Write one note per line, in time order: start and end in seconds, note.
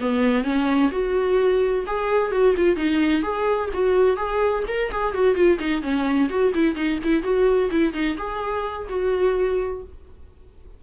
0.00 0.43 B3
0.43 0.90 C#4
0.91 1.85 F#4
1.86 2.31 G#4
2.31 2.54 F#4
2.57 2.76 F4
2.76 3.22 D#4
3.22 3.69 G#4
3.73 4.16 F#4
4.16 4.63 G#4
4.67 4.91 A#4
4.91 5.13 G#4
5.13 5.34 F#4
5.34 5.58 F4
5.58 5.82 D#4
5.82 6.29 C#4
6.29 6.52 F#4
6.54 6.75 E4
6.75 6.98 D#4
7.03 7.23 E4
7.23 7.70 F#4
7.71 7.93 E4
7.93 8.16 D#4
8.17 8.87 G#4
8.89 9.82 F#4